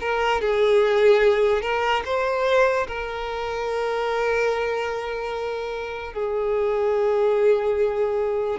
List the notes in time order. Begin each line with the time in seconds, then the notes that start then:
0.00 A#4
0.41 G#4
1.62 A#4
2.05 C5
2.87 A#4
6.13 G#4